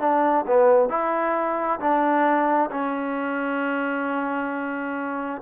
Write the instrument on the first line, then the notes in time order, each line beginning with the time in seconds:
trombone
0.00 D4
0.47 B3
0.89 E4
1.80 D4
2.71 C#4